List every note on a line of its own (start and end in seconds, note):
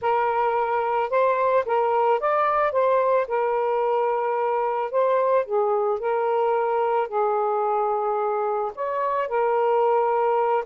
0.01 1.09 A#4
1.09 1.64 C5
1.65 2.19 A#4
2.19 2.72 D5
2.72 3.26 C5
3.27 4.91 A#4
4.91 5.45 C5
5.45 5.99 G#4
5.99 7.08 A#4
7.08 8.71 G#4
8.75 9.28 C#5
9.28 10.64 A#4